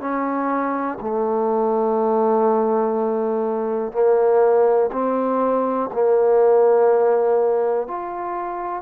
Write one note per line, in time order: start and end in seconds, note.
0.00 0.98 C#4
1.00 3.92 A3
3.92 4.90 A#3
4.92 5.90 C4
5.93 7.87 A#3
7.87 8.82 F4